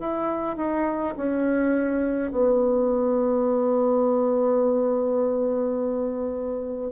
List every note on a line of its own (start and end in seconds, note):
0.00 0.57 E4
0.57 1.14 D#4
1.17 2.31 C#4
2.31 6.92 B3